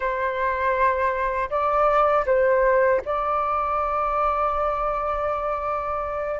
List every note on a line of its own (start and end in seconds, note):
0.00 1.49 C5
1.50 2.25 D5
2.26 3.01 C5
3.05 6.40 D5